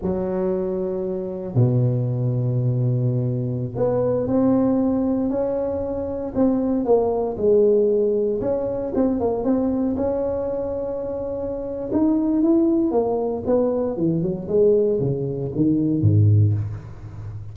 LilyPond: \new Staff \with { instrumentName = "tuba" } { \time 4/4 \tempo 4 = 116 fis2. b,4~ | b,2.~ b,16 b8.~ | b16 c'2 cis'4.~ cis'16~ | cis'16 c'4 ais4 gis4.~ gis16~ |
gis16 cis'4 c'8 ais8 c'4 cis'8.~ | cis'2. dis'4 | e'4 ais4 b4 e8 fis8 | gis4 cis4 dis4 gis,4 | }